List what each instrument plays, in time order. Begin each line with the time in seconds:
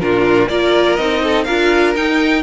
0.00 cello A#2, viola D4, violin F4 A#4
0.48 cello A#3, viola F4, violin A#4 D5
0.96 cello C4, viola D#4, violin D#5
1.24 violin A4
1.44 cello D4, viola F4, violin A#4 F5
1.95 viola D#4, cello D#4, violin G5